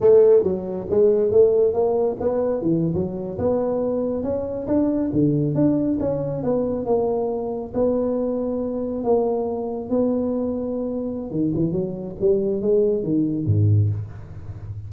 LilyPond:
\new Staff \with { instrumentName = "tuba" } { \time 4/4 \tempo 4 = 138 a4 fis4 gis4 a4 | ais4 b4 e8. fis4 b16~ | b4.~ b16 cis'4 d'4 d16~ | d8. d'4 cis'4 b4 ais16~ |
ais4.~ ais16 b2~ b16~ | b8. ais2 b4~ b16~ | b2 dis8 e8 fis4 | g4 gis4 dis4 gis,4 | }